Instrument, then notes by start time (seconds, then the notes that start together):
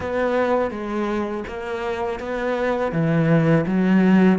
cello
0.00 B3
0.71 G#3
1.47 A#3
2.20 B3
2.92 E3
3.66 F#3